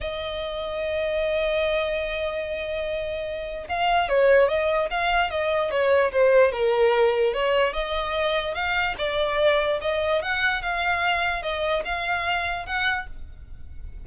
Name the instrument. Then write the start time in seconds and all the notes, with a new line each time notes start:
violin
0.00 D#5
3.68 F5
4.08 C#5
4.48 D#5
4.90 F5
5.30 D#5
5.70 C#5
6.12 C5
6.52 A#4
7.33 C#5
7.73 D#5
8.54 F5
8.98 D5
9.81 D#5
10.22 F#5
10.62 F5
11.42 D#5
11.84 F5
12.66 F#5